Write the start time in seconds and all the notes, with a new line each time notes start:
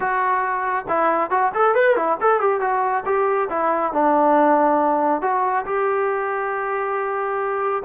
0.00 F#4
0.88 E4
1.30 F#4
1.54 A4
1.75 B4
1.96 E4
2.20 A4
2.40 G4
2.60 F#4
3.05 G4
3.49 E4
3.92 D4
5.21 F#4
5.65 G4